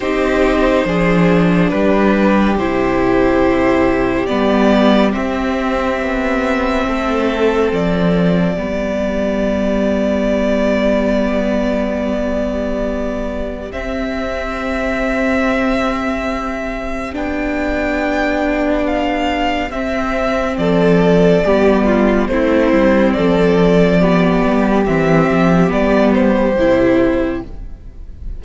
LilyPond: <<
  \new Staff \with { instrumentName = "violin" } { \time 4/4 \tempo 4 = 70 c''2 b'4 c''4~ | c''4 d''4 e''2~ | e''4 d''2.~ | d''1 |
e''1 | g''2 f''4 e''4 | d''2 c''4 d''4~ | d''4 e''4 d''8 c''4. | }
  \new Staff \with { instrumentName = "violin" } { \time 4/4 g'4 gis'4 g'2~ | g'1 | a'2 g'2~ | g'1~ |
g'1~ | g'1 | a'4 g'8 f'8 e'4 a'4 | g'1 | }
  \new Staff \with { instrumentName = "viola" } { \time 4/4 dis'4 d'2 e'4~ | e'4 b4 c'2~ | c'2 b2~ | b1 |
c'1 | d'2. c'4~ | c'4 b4 c'2 | b4 c'4 b4 e'4 | }
  \new Staff \with { instrumentName = "cello" } { \time 4/4 c'4 f4 g4 c4~ | c4 g4 c'4 b4 | a4 f4 g2~ | g1 |
c'1 | b2. c'4 | f4 g4 a8 g8 f4~ | f8 g8 e8 f8 g4 c4 | }
>>